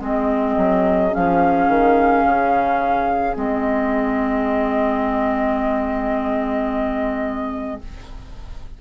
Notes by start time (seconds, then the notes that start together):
0.00 G#3 C4 G#4 D#5
0.57 F#3
1.11 F3 C#4 F5
1.68 D#3
2.24 C#3
3.35 G#3 C4 D#5